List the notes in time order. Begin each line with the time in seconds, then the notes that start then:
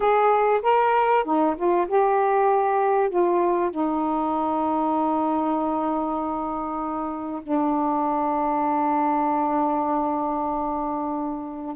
0.00 G#4
0.62 A#4
1.24 D#4
1.56 F4
1.87 G4
3.09 F4
3.70 D#4
7.43 D4